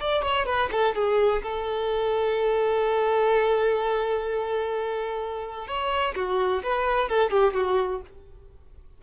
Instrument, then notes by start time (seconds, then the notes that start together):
violin
0.00 D5
0.22 C#5
0.46 B4
0.71 A4
0.94 G#4
1.42 A4
5.67 C#5
6.15 F#4
6.63 B4
7.09 A4
7.30 G4
7.54 F#4